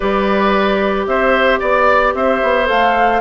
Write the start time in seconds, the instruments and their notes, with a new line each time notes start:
0.00 bassoon G3, clarinet G4, oboe B4, flute D5
1.06 bassoon C4, oboe C5, flute E5
1.59 bassoon B3, oboe D5, flute D5
2.14 bassoon C4, oboe C5, flute E5
2.42 bassoon B3
2.65 bassoon A3, clarinet A4, flute F5